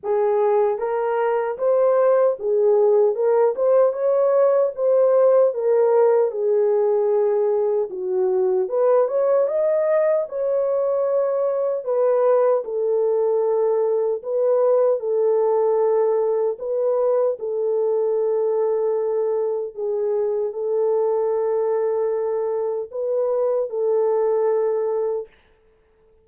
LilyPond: \new Staff \with { instrumentName = "horn" } { \time 4/4 \tempo 4 = 76 gis'4 ais'4 c''4 gis'4 | ais'8 c''8 cis''4 c''4 ais'4 | gis'2 fis'4 b'8 cis''8 | dis''4 cis''2 b'4 |
a'2 b'4 a'4~ | a'4 b'4 a'2~ | a'4 gis'4 a'2~ | a'4 b'4 a'2 | }